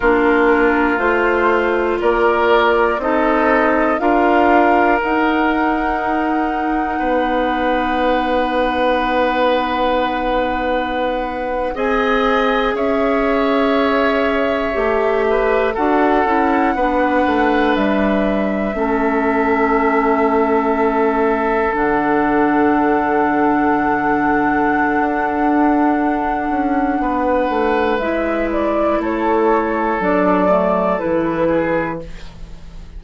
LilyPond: <<
  \new Staff \with { instrumentName = "flute" } { \time 4/4 \tempo 4 = 60 ais'4 c''4 d''4 dis''4 | f''4 fis''2.~ | fis''2.~ fis''8. gis''16~ | gis''8. e''2. fis''16~ |
fis''4.~ fis''16 e''2~ e''16~ | e''4.~ e''16 fis''2~ fis''16~ | fis''1 | e''8 d''8 cis''4 d''4 b'4 | }
  \new Staff \with { instrumentName = "oboe" } { \time 4/4 f'2 ais'4 a'4 | ais'2. b'4~ | b'2.~ b'8. dis''16~ | dis''8. cis''2~ cis''8 b'8 a'16~ |
a'8. b'2 a'4~ a'16~ | a'1~ | a'2. b'4~ | b'4 a'2~ a'8 gis'8 | }
  \new Staff \with { instrumentName = "clarinet" } { \time 4/4 d'4 f'2 dis'4 | f'4 dis'2.~ | dis'2.~ dis'8. gis'16~ | gis'2~ gis'8. g'4 fis'16~ |
fis'16 e'8 d'2 cis'4~ cis'16~ | cis'4.~ cis'16 d'2~ d'16~ | d'1 | e'2 d'8 a8 e'4 | }
  \new Staff \with { instrumentName = "bassoon" } { \time 4/4 ais4 a4 ais4 c'4 | d'4 dis'2 b4~ | b2.~ b8. c'16~ | c'8. cis'2 a4 d'16~ |
d'16 cis'8 b8 a8 g4 a4~ a16~ | a4.~ a16 d2~ d16~ | d4 d'4. cis'8 b8 a8 | gis4 a4 fis4 e4 | }
>>